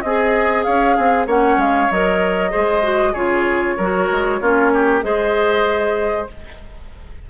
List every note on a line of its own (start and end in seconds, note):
0.00 0.66 C4
0.00 0.65 G#4
0.00 1.27 G#4
0.00 0.62 D#5
0.63 0.98 C#4
0.63 0.96 C#5
0.63 1.25 F5
0.96 1.26 C4
0.96 1.26 G#4
1.26 1.57 A#3
1.26 1.90 C#4
1.26 2.51 C#5
1.26 1.60 F#5
1.57 1.88 G#3
1.57 1.91 F5
1.90 2.53 F#3
1.90 2.50 A#4
1.90 3.14 D#5
2.50 3.14 G#3
2.50 2.81 G#4
2.50 3.12 C5
2.82 3.13 F#4
3.12 3.77 C#3
3.12 3.78 F4
3.12 3.74 G#4
3.12 5.01 C#5
3.77 4.09 F#3
3.77 4.41 F#4
3.77 4.39 A#4
4.11 4.41 G#3
4.41 5.03 A#3
4.41 5.02 C#4
4.41 4.72 F4
4.73 5.04 G4
5.02 6.28 G#3
5.02 6.27 G#4
5.02 6.29 C5
5.02 6.27 D#5